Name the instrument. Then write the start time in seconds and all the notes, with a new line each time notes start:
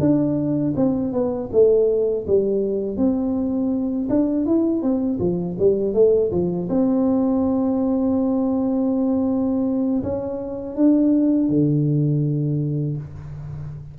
tuba
0.00 D4
0.76 C4
1.13 B3
1.53 A3
2.27 G3
2.97 C4
4.09 D4
4.46 E4
4.82 C4
5.20 F3
5.59 G3
5.94 A3
6.32 F3
6.70 C4
10.03 C#4
10.76 D4
11.49 D3